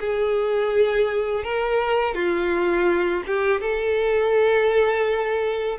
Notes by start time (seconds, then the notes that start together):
0.00 G#4
1.44 A#4
2.15 F4
3.27 G4
3.61 A4